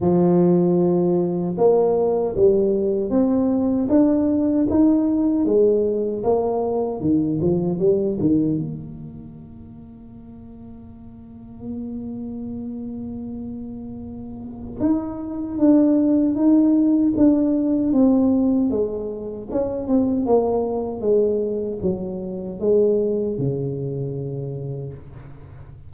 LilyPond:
\new Staff \with { instrumentName = "tuba" } { \time 4/4 \tempo 4 = 77 f2 ais4 g4 | c'4 d'4 dis'4 gis4 | ais4 dis8 f8 g8 dis8 ais4~ | ais1~ |
ais2. dis'4 | d'4 dis'4 d'4 c'4 | gis4 cis'8 c'8 ais4 gis4 | fis4 gis4 cis2 | }